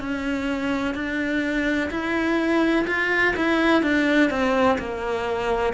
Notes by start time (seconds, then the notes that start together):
0.00 C#4
0.95 D4
1.91 E4
2.87 F4
3.36 E4
3.83 D4
4.30 C4
4.79 A#3